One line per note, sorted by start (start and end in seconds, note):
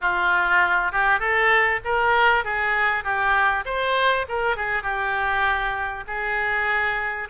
0.01 0.91 F4
0.91 1.19 G4
1.19 1.80 A4
1.84 2.44 A#4
2.44 3.04 G#4
3.04 3.64 G4
3.65 4.26 C5
4.28 4.56 A#4
4.56 4.82 G#4
4.82 6.04 G4
6.07 7.28 G#4